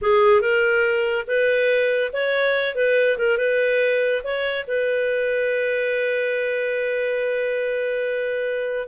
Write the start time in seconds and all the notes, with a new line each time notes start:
0.01 G#4
0.41 A#4
1.27 B4
2.12 C#5
2.75 B4
3.17 A#4
3.37 B4
4.23 C#5
4.67 B4